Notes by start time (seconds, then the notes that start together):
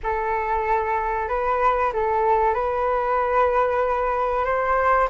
0.03 A4
1.28 B4
1.93 A4
2.54 B4
4.44 C5